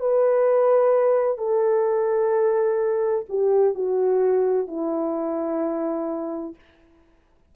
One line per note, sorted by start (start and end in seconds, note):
0.00 1.38 B4
1.38 3.26 A4
3.29 3.75 G4
3.75 4.68 F#4
4.68 6.55 E4